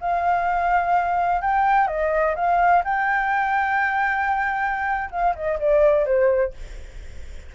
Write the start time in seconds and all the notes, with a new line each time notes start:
0.00 F5
1.41 G5
1.87 D#5
2.35 F5
2.84 G5
5.11 F5
5.35 D#5
5.59 D5
6.05 C5